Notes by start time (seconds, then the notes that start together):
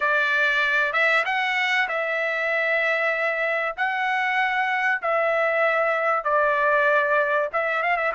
0.00 D5
0.92 E5
1.25 F#5
1.88 E5
3.76 F#5
5.02 E5
6.24 D5
7.52 E5
7.82 F5
7.97 E5